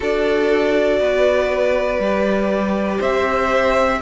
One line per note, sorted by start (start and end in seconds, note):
0.00 0.99 D4
0.00 2.00 F#4
0.00 0.99 A4
0.00 3.02 D5
0.99 1.99 B3
0.99 2.98 B4
1.99 2.99 G3
1.99 4.01 G4
2.98 4.01 C4
2.98 3.98 C5
2.98 4.01 E5